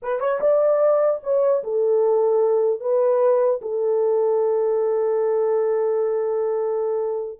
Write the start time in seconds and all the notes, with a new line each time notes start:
0.02 B4
0.19 C#5
0.40 D5
1.23 C#5
1.63 A4
2.80 B4
3.61 A4